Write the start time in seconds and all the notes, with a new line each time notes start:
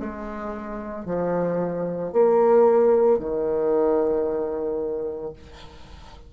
0.00 G#3
1.06 F3
2.13 A#3
3.19 D#3